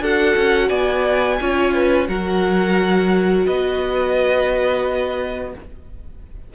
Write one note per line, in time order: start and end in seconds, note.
0.00 0.34 D4
0.00 1.40 F#4
0.00 0.68 A4
0.00 0.69 F#5
0.36 0.70 C#4
0.68 1.39 B3
0.68 1.36 D5
0.68 2.07 G#5
1.40 2.08 C#4
1.40 2.08 F4
1.40 1.74 C#5
1.74 2.08 B4
2.08 3.46 F#3
2.08 5.53 F#4
2.08 3.46 A#4
2.08 3.46 F#5
3.46 5.54 B3
3.46 5.52 B4
3.46 5.53 D#5